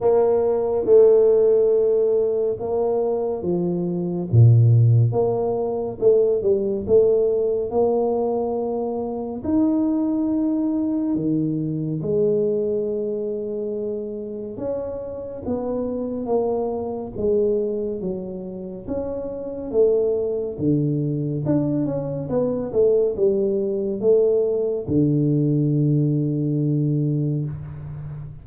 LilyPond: \new Staff \with { instrumentName = "tuba" } { \time 4/4 \tempo 4 = 70 ais4 a2 ais4 | f4 ais,4 ais4 a8 g8 | a4 ais2 dis'4~ | dis'4 dis4 gis2~ |
gis4 cis'4 b4 ais4 | gis4 fis4 cis'4 a4 | d4 d'8 cis'8 b8 a8 g4 | a4 d2. | }